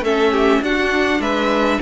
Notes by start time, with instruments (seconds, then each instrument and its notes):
0.00 cello A3, viola C#4, violin A4 E5
0.32 violin G4
0.61 cello D4, viola D4, violin F#4 F#5
1.19 cello G#3, violin B4 E5